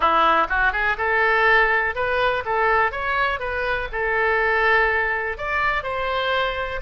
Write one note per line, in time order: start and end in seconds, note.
0.00 0.47 E4
0.49 0.72 F#4
0.72 0.96 G#4
0.97 1.95 A4
1.95 2.43 B4
2.45 2.91 A4
2.91 3.39 C#5
3.39 3.88 B4
3.92 5.37 A4
5.37 5.83 D5
5.83 6.80 C5